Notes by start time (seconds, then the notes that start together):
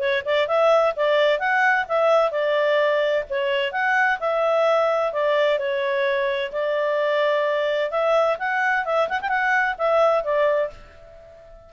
0.00 C#5
0.26 D5
0.48 E5
0.97 D5
1.40 F#5
1.89 E5
2.32 D5
3.30 C#5
3.73 F#5
4.20 E5
5.13 D5
5.59 C#5
6.53 D5
7.91 E5
8.40 F#5
8.86 E5
9.09 F#5
9.22 G5
9.29 F#5
9.78 E5
10.24 D5